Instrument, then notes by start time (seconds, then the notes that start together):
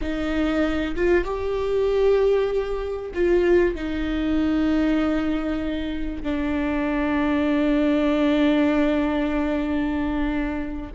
viola
0.01 D#4
0.95 F4
1.24 G4
3.14 F4
3.75 D#4
6.22 D4